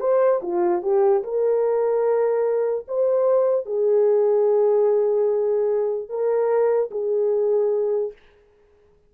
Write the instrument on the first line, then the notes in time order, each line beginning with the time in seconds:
horn
0.00 C5
0.42 F4
0.82 G4
1.23 A#4
2.88 C5
3.66 G#4
6.09 A#4
6.91 G#4